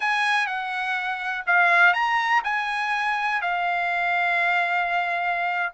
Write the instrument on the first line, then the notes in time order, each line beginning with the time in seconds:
trumpet
0.00 G#5
0.47 F#5
1.46 F5
1.93 A#5
2.44 G#5
3.41 F5